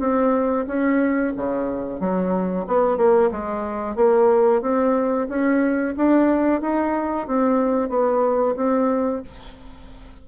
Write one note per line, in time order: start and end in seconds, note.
0.00 0.66 C4
0.67 1.33 C#4
1.37 2.00 C#3
2.00 2.66 F#3
2.67 2.98 B3
2.98 3.31 A#3
3.31 3.96 G#3
3.96 4.62 A#3
4.62 5.28 C4
5.29 5.95 C#4
5.97 6.61 D4
6.61 7.27 D#4
7.27 7.89 C4
7.89 8.55 B3
8.57 9.23 C4